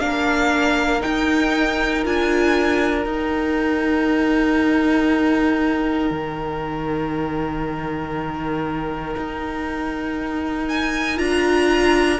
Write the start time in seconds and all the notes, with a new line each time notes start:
0.00 A#3 D4 A#4 F5
1.00 D#4 G5
2.04 D4 F4 G#5
3.06 D#4 G5
6.11 D#3
9.17 D#4
10.69 G#5
11.17 D4 F4 A#5